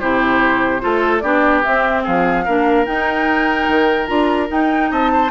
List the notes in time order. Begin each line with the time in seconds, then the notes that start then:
0.00 C3 E4 G4 C5
0.80 A3 F4 A4
1.20 B3 D4 G4 D5
1.64 C4 E5
2.04 F3 G#4 F5
2.45 A#3 D4 A#4
2.86 D#4 G5
3.68 D#3
4.07 D4 F4 A#5
4.48 D#4 G5
4.91 C4 D#5 A5
5.13 C5